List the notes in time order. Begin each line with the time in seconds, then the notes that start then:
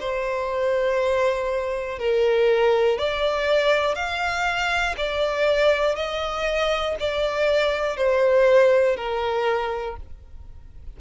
0.00 C5
1.99 A#4
2.98 D5
3.95 F5
4.97 D5
5.95 D#5
7.00 D5
7.97 C5
8.96 A#4